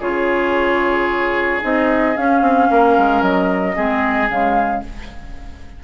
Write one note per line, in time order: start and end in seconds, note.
0.00 1.62 C#3
0.00 1.62 F4
0.00 2.68 G#4
0.00 1.62 C#5
1.62 2.17 C4
1.62 2.15 D#4
1.62 2.17 D#5
2.16 3.76 C#4
2.16 2.41 C#4
2.16 3.23 F5
2.41 2.68 C4
2.71 2.98 A#3
2.71 3.76 A#4
2.98 3.22 G#3
3.22 3.75 F#3
3.22 4.30 D#5
3.76 4.29 G#3
3.76 4.29 C4
3.76 4.83 G#4
4.29 4.83 C#3
4.29 4.83 G#3
4.29 4.84 F5